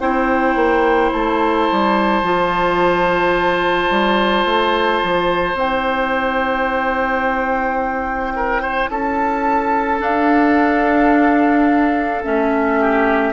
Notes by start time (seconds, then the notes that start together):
0.00 C4 E4 C5 G5
0.55 A#3
1.12 A3 A5
1.71 G3
2.22 F3 F4
3.90 G3
4.45 A3
5.03 F3
5.54 C4 E4 G5
8.36 A#4
8.62 C5
8.88 C#4 A4 A5
9.99 D4 F5
12.24 A3 C#4 E5
12.80 G4